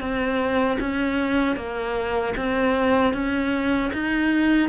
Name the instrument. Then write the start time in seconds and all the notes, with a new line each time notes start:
cello
0.00 C4
0.80 C#4
1.56 A#3
2.37 C4
3.13 C#4
3.93 D#4